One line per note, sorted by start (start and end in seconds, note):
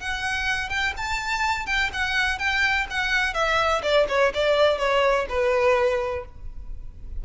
0.00 0.70 F#5
0.70 0.94 G5
0.97 1.66 A5
1.66 1.90 G5
1.93 2.38 F#5
2.38 2.86 G5
2.90 3.34 F#5
3.34 3.82 E5
3.83 4.07 D5
4.09 4.33 C#5
4.34 4.78 D5
4.78 5.26 C#5
5.29 6.25 B4